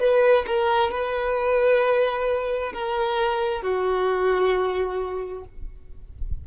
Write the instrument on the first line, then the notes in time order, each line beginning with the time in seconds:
violin
0.00 B4
0.47 A#4
0.91 B4
2.74 A#4
3.62 F#4